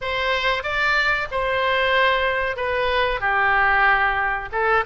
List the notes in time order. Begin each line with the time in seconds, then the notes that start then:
0.01 C5
0.63 D5
1.31 C5
2.56 B4
3.20 G4
4.52 A4